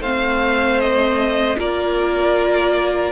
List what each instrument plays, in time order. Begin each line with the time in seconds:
0.00 cello A3, viola C4, violin C5 F5
0.80 violin D#5
1.56 cello A#3, viola F4, violin A#4 D5